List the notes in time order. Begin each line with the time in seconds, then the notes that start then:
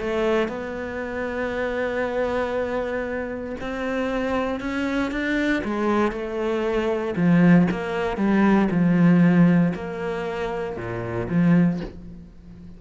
0.00 A3
0.48 B3
3.61 C4
4.61 C#4
5.11 D4
5.64 G#3
6.12 A3
7.17 F3
7.71 A#3
8.17 G3
8.71 F3
9.75 A#3
10.77 A#2
11.29 F3